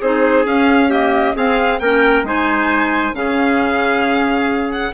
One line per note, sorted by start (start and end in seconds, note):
0.00 0.45 C4
0.00 0.45 D#4
0.00 0.89 G#4
0.00 0.46 C5
0.45 0.89 C#4
0.45 1.35 C#4
0.45 0.90 F5
0.89 1.34 A#3
0.89 1.34 G4
0.89 1.35 D#5
1.35 1.80 C4
1.35 1.80 G#4
1.35 1.79 F5
1.79 2.23 A#3
1.79 2.25 C#4
1.79 2.26 A#4
1.79 2.24 G5
2.23 3.12 G#3
2.23 3.13 D#4
2.23 3.16 C5
2.23 3.15 G#5
3.13 4.92 C#3
3.13 4.92 C#4
3.13 4.94 G#4
3.13 4.71 F5
4.71 4.93 F#5